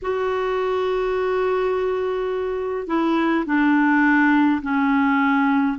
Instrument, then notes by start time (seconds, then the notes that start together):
clarinet
0.02 F#4
2.87 E4
3.46 D4
4.62 C#4